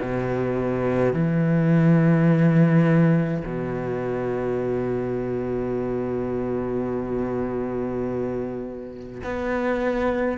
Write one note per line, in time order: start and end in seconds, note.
0.00 1.13 B2
1.13 3.44 E3
3.45 9.22 B2
9.23 10.37 B3